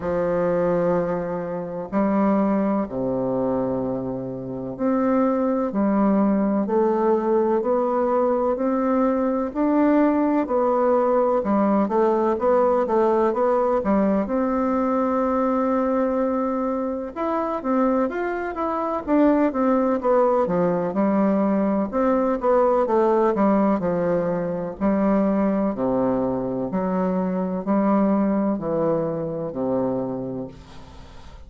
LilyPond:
\new Staff \with { instrumentName = "bassoon" } { \time 4/4 \tempo 4 = 63 f2 g4 c4~ | c4 c'4 g4 a4 | b4 c'4 d'4 b4 | g8 a8 b8 a8 b8 g8 c'4~ |
c'2 e'8 c'8 f'8 e'8 | d'8 c'8 b8 f8 g4 c'8 b8 | a8 g8 f4 g4 c4 | fis4 g4 e4 c4 | }